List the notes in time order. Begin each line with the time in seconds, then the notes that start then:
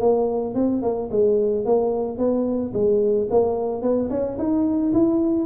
0.00 A#3
0.55 C4
0.82 A#3
1.11 G#3
1.65 A#3
2.18 B3
2.74 G#3
3.30 A#3
3.82 B3
4.10 C#4
4.38 D#4
4.93 E4